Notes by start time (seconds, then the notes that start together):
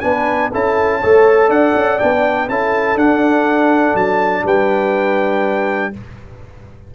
0.00 B3 D4 B4 G#5
0.52 C#4 E4 A4 A5
1.01 A3 A4 C#5
1.48 D4 D5 F#5
1.75 C#4
1.99 B3 D4 G5
2.49 C#4 E4 A4 A5
2.95 D4 F#5
3.94 F#3 A5
4.44 G3 B4 G5